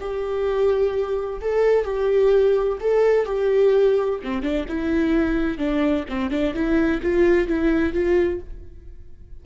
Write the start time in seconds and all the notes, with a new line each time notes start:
0.00 G4
1.41 A4
1.85 G4
2.80 A4
3.26 G4
4.24 C4
4.42 D4
4.68 E4
5.58 D4
6.09 C4
6.30 D4
6.54 E4
7.03 F4
7.48 E4
7.93 F4